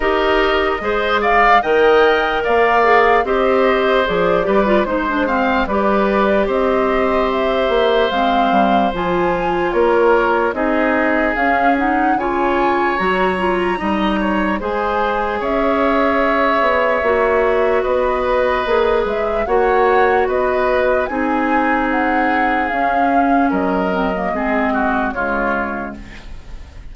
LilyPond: <<
  \new Staff \with { instrumentName = "flute" } { \time 4/4 \tempo 4 = 74 dis''4. f''8 g''4 f''4 | dis''4 d''4 c''4 d''4 | dis''4 e''4 f''4 gis''4 | cis''4 dis''4 f''8 fis''8 gis''4 |
ais''2 gis''4 e''4~ | e''2 dis''4. e''8 | fis''4 dis''4 gis''4 fis''4 | f''4 dis''2 cis''4 | }
  \new Staff \with { instrumentName = "oboe" } { \time 4/4 ais'4 c''8 d''8 dis''4 d''4 | c''4. b'8 c''8 f''8 b'4 | c''1 | ais'4 gis'2 cis''4~ |
cis''4 dis''8 cis''8 c''4 cis''4~ | cis''2 b'2 | cis''4 b'4 gis'2~ | gis'4 ais'4 gis'8 fis'8 f'4 | }
  \new Staff \with { instrumentName = "clarinet" } { \time 4/4 g'4 gis'4 ais'4. gis'8 | g'4 gis'8 g'16 f'16 dis'16 d'16 c'8 g'4~ | g'2 c'4 f'4~ | f'4 dis'4 cis'8 dis'8 f'4 |
fis'8 f'8 dis'4 gis'2~ | gis'4 fis'2 gis'4 | fis'2 dis'2 | cis'4. c'16 ais16 c'4 gis4 | }
  \new Staff \with { instrumentName = "bassoon" } { \time 4/4 dis'4 gis4 dis4 ais4 | c'4 f8 g8 gis4 g4 | c'4. ais8 gis8 g8 f4 | ais4 c'4 cis'4 cis4 |
fis4 g4 gis4 cis'4~ | cis'8 b8 ais4 b4 ais8 gis8 | ais4 b4 c'2 | cis'4 fis4 gis4 cis4 | }
>>